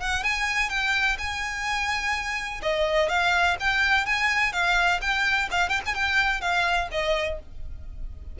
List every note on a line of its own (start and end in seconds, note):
0.00 0.23 F#5
0.23 0.69 G#5
0.69 1.17 G5
1.18 2.61 G#5
2.62 3.09 D#5
3.09 3.57 F5
3.60 4.06 G5
4.06 4.52 G#5
4.52 5.00 F5
5.01 5.49 G5
5.51 5.69 F5
5.69 5.81 G5
5.85 5.95 G#5
5.95 6.41 G5
6.41 6.89 F5
6.91 7.39 D#5